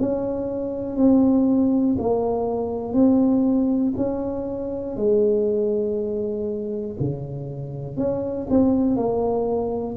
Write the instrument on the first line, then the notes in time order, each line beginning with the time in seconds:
tuba
0.00 C#4
0.96 C4
1.99 A#3
2.94 C4
3.97 C#4
4.97 G#3
7.00 C#3
7.97 C#4
8.50 C4
8.96 A#3